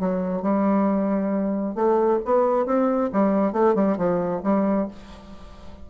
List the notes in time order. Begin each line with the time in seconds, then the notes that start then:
0.00 F#3
0.42 G3
1.75 A3
2.25 B3
2.66 C4
3.13 G3
3.53 A3
3.75 G3
3.98 F3
4.44 G3